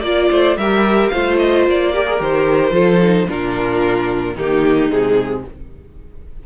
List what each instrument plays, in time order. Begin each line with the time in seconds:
0.00 cello A#3, viola F4, violin D5
0.31 cello A3, violin C5
0.57 cello G3, viola G4, violin A#4 E5
1.09 cello A3, viola F4, violin C5 F5
1.38 violin D#5
1.67 cello A#3, violin D5
1.93 viola G4, violin A#4
2.07 viola G#4
2.18 cello D#3, viola G4, violin C5
2.71 cello F3, viola F4, violin A4
3.02 viola D#4
3.27 cello A#2, viola D4, violin F4 A#4
4.34 cello D#3, viola A#3, violin D#4 G4
4.90 cello C3, viola G#3, violin G#4